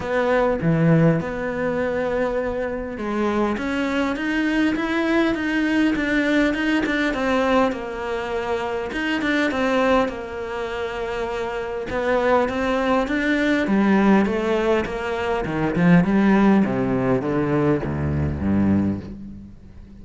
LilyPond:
\new Staff \with { instrumentName = "cello" } { \time 4/4 \tempo 4 = 101 b4 e4 b2~ | b4 gis4 cis'4 dis'4 | e'4 dis'4 d'4 dis'8 d'8 | c'4 ais2 dis'8 d'8 |
c'4 ais2. | b4 c'4 d'4 g4 | a4 ais4 dis8 f8 g4 | c4 d4 d,4 g,4 | }